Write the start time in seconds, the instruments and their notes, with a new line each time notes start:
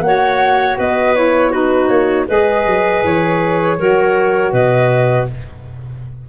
0.00 tuba A#3, saxophone F#4, flute F#5
0.07 clarinet C#5
0.78 tuba B3, clarinet B4, flute D#5
1.15 saxophone E4, flute C#5
1.51 saxophone D#4, clarinet F#4, flute B4
1.88 tuba A#3, flute C#5
2.27 tuba G#3, saxophone G#4, clarinet B4, flute D#5
2.66 tuba F#3
3.04 tuba E3, flute C#5
3.79 tuba F#3, saxophone F#4, clarinet A#4
4.52 tuba B2, clarinet B4, flute D#5